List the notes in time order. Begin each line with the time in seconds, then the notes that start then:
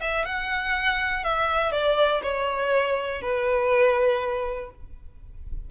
0.00 E5
0.25 F#5
1.23 E5
1.71 D5
2.22 C#5
3.21 B4